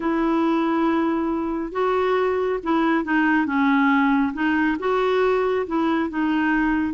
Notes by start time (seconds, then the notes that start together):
0.00 E4
1.72 F#4
2.63 E4
3.04 D#4
3.45 C#4
4.33 D#4
4.79 F#4
5.66 E4
6.09 D#4